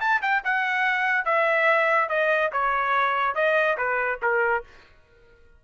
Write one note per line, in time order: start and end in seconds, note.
0.00 0.21 A5
0.21 0.42 G5
0.44 1.25 F#5
1.25 2.09 E5
2.09 2.51 D#5
2.52 3.35 C#5
3.35 3.77 D#5
3.77 4.19 B4
4.22 4.64 A#4